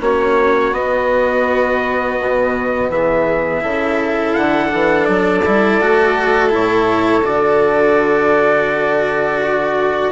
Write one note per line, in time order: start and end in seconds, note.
0.00 0.73 A#3
0.00 0.72 C#4
0.00 2.90 F#4
0.00 0.74 C#5
0.72 3.61 B3
0.72 2.18 B3
0.72 2.91 D#5
2.20 2.90 B2
2.90 3.62 E3
2.90 3.63 G#4
2.90 4.34 E5
3.61 4.35 C#3
3.61 4.69 E4
3.61 9.41 A4
4.34 4.73 D3
4.34 5.05 F#5
4.69 5.08 E3
4.69 5.41 D4
5.05 5.44 F#3
5.05 6.50 D5
5.45 5.81 G3
5.45 5.81 E4
5.81 6.53 A3
5.81 6.50 F#4
6.50 7.23 A2
6.50 7.22 E4
6.50 7.25 C#5
7.23 10.12 D3
7.23 10.12 F#4
7.23 10.12 D5
9.42 10.12 F#4